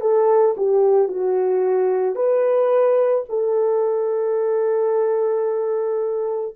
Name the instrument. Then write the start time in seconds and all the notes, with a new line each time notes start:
horn
0.00 A4
0.57 G4
1.08 F#4
2.15 B4
3.29 A4